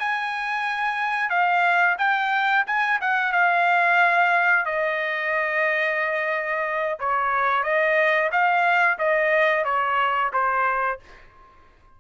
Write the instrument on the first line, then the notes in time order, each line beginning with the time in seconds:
trumpet
0.00 G#5
1.30 F5
1.98 G5
2.67 G#5
3.01 F#5
3.32 F5
4.66 D#5
7.00 C#5
7.64 D#5
8.32 F5
8.99 D#5
9.65 C#5
10.33 C5